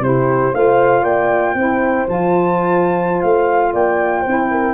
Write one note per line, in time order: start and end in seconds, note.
0.00 0.51 C3
0.00 0.53 E4
0.00 0.55 G4
0.00 0.55 C5
0.53 1.04 A3
0.53 1.56 F4
0.53 1.03 C5
0.53 1.04 F5
1.03 1.55 A#3
1.03 1.54 D5
1.03 2.07 G5
1.55 2.06 C4
1.55 2.07 E4
1.55 3.73 C5
2.07 3.24 F3
2.07 4.25 F4
2.07 3.21 A5
3.21 3.74 A3
3.21 3.73 F5
3.73 4.25 A#3
3.73 4.21 D5
3.73 4.74 G5
4.21 4.74 E4
4.21 4.46 C5
4.27 4.74 C4
4.51 4.74 A#4